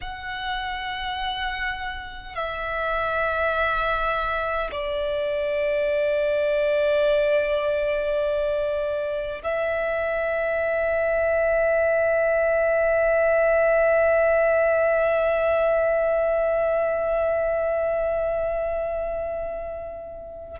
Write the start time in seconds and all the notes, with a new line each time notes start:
0.01 F#5
2.35 E5
4.71 D5
9.43 E5